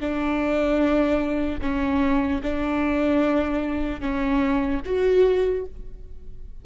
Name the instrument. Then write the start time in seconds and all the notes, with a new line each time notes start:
viola
0.00 D4
1.61 C#4
2.43 D4
4.01 C#4
4.85 F#4